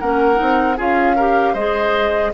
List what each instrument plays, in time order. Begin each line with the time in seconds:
0.00 bassoon A#3, clarinet C#4, oboe A#4, flute F#5
0.35 bassoon C4, clarinet D#4
0.77 bassoon C#4, clarinet F4, oboe G#4, flute F5
1.16 clarinet G4, oboe A#4
1.53 bassoon G#3, clarinet G#4, oboe C5, flute D#5